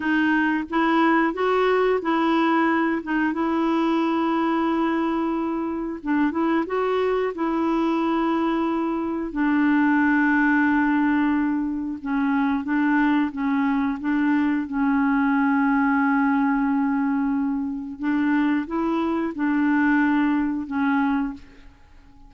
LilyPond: \new Staff \with { instrumentName = "clarinet" } { \time 4/4 \tempo 4 = 90 dis'4 e'4 fis'4 e'4~ | e'8 dis'8 e'2.~ | e'4 d'8 e'8 fis'4 e'4~ | e'2 d'2~ |
d'2 cis'4 d'4 | cis'4 d'4 cis'2~ | cis'2. d'4 | e'4 d'2 cis'4 | }